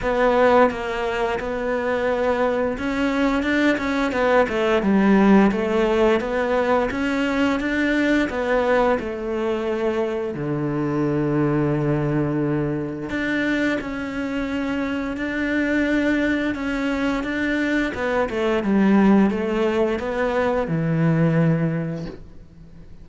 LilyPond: \new Staff \with { instrumentName = "cello" } { \time 4/4 \tempo 4 = 87 b4 ais4 b2 | cis'4 d'8 cis'8 b8 a8 g4 | a4 b4 cis'4 d'4 | b4 a2 d4~ |
d2. d'4 | cis'2 d'2 | cis'4 d'4 b8 a8 g4 | a4 b4 e2 | }